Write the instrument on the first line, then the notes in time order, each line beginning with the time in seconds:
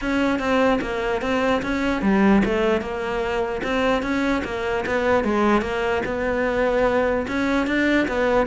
cello
0.01 C#4
0.39 C4
0.81 A#3
1.21 C4
1.62 C#4
2.02 G3
2.44 A3
2.81 A#3
3.63 C4
4.02 C#4
4.44 A#3
4.86 B3
5.23 G#3
5.61 A#3
6.05 B3
7.27 C#4
7.66 D4
8.08 B3